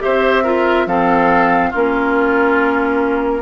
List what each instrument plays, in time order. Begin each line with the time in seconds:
0.00 bassoon C4, clarinet G4, oboe C5, flute E5
0.43 clarinet F4, oboe A#4
0.86 bassoon F3, clarinet C4, oboe A4, flute F5
1.70 bassoon A#3, clarinet C#4, oboe F4, flute A#4